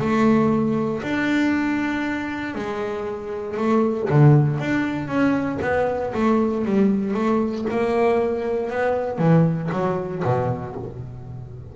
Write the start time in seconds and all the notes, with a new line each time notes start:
0.00 A3
1.03 D4
2.55 G#3
3.58 A3
4.10 D3
4.60 D4
5.08 C#4
5.62 B3
6.14 A3
6.65 G3
7.14 A3
7.71 A#3
8.70 B3
9.19 E3
9.72 F#3
10.24 B2